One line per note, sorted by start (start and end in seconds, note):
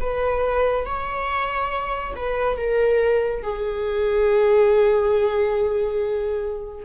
0.00 0.86 B4
0.86 2.14 C#5
2.16 2.57 B4
2.57 3.42 A#4
3.42 6.85 G#4